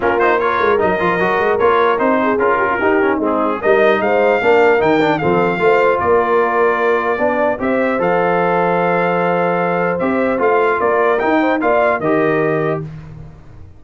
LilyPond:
<<
  \new Staff \with { instrumentName = "trumpet" } { \time 4/4 \tempo 4 = 150 ais'8 c''8 cis''4 dis''2 | cis''4 c''4 ais'2 | gis'4 dis''4 f''2 | g''4 f''2 d''4~ |
d''2. e''4 | f''1~ | f''4 e''4 f''4 d''4 | g''4 f''4 dis''2 | }
  \new Staff \with { instrumentName = "horn" } { \time 4/4 f'4 ais'2.~ | ais'4. gis'4 g'16 f'16 g'4 | dis'4 ais'4 c''4 ais'4~ | ais'4 a'4 c''4 ais'4~ |
ais'2 d''4 c''4~ | c''1~ | c''2. ais'4~ | ais'8 c''8 d''4 ais'2 | }
  \new Staff \with { instrumentName = "trombone" } { \time 4/4 cis'8 dis'8 f'4 dis'8 f'8 fis'4 | f'4 dis'4 f'4 dis'8 cis'8 | c'4 dis'2 d'4 | dis'8 d'8 c'4 f'2~ |
f'2 d'4 g'4 | a'1~ | a'4 g'4 f'2 | dis'4 f'4 g'2 | }
  \new Staff \with { instrumentName = "tuba" } { \time 4/4 ais4. gis8 fis8 f8 fis8 gis8 | ais4 c'4 cis'4 dis'4 | gis4 g4 gis4 ais4 | dis4 f4 a4 ais4~ |
ais2 b4 c'4 | f1~ | f4 c'4 a4 ais4 | dis'4 ais4 dis2 | }
>>